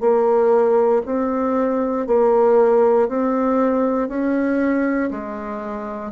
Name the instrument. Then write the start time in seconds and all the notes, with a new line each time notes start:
bassoon
0.00 A#3
1.05 C4
2.06 A#3
3.08 C4
4.08 C#4
5.10 G#3